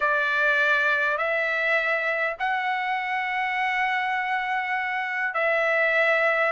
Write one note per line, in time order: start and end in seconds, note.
0.00 1.17 D5
1.17 2.36 E5
2.39 5.34 F#5
5.34 6.52 E5